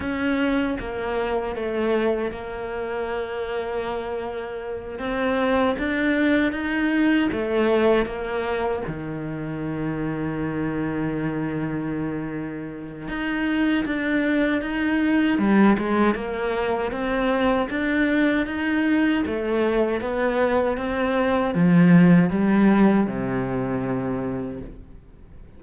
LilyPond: \new Staff \with { instrumentName = "cello" } { \time 4/4 \tempo 4 = 78 cis'4 ais4 a4 ais4~ | ais2~ ais8 c'4 d'8~ | d'8 dis'4 a4 ais4 dis8~ | dis1~ |
dis4 dis'4 d'4 dis'4 | g8 gis8 ais4 c'4 d'4 | dis'4 a4 b4 c'4 | f4 g4 c2 | }